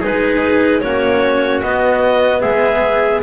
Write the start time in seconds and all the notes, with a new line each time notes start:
0.00 G#3 D#4 G#4 B4
0.80 A#3 C#4 F#4 C#5
1.62 B3 D#5
2.41 G#3 G#4 E5